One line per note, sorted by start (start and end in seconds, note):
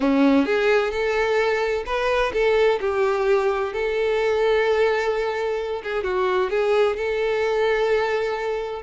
0.00 0.45 C#4
0.45 0.91 G#4
0.91 1.84 A4
1.86 2.32 B4
2.33 2.79 A4
2.80 3.73 G4
3.73 5.82 A4
5.83 6.03 G#4
6.03 6.49 F#4
6.50 6.96 G#4
6.96 8.82 A4